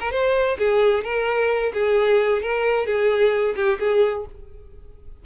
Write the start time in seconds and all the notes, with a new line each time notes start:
0.00 A#4
0.11 C5
0.58 G#4
1.04 A#4
1.73 G#4
2.42 A#4
2.86 G#4
3.56 G4
3.79 G#4